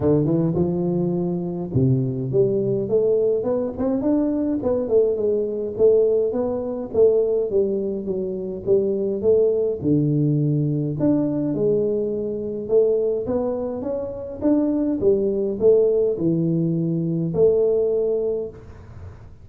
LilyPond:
\new Staff \with { instrumentName = "tuba" } { \time 4/4 \tempo 4 = 104 d8 e8 f2 c4 | g4 a4 b8 c'8 d'4 | b8 a8 gis4 a4 b4 | a4 g4 fis4 g4 |
a4 d2 d'4 | gis2 a4 b4 | cis'4 d'4 g4 a4 | e2 a2 | }